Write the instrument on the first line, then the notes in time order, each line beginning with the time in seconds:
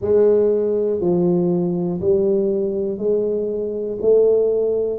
tuba
0.01 G#3
1.00 F3
2.00 G3
2.98 G#3
4.00 A3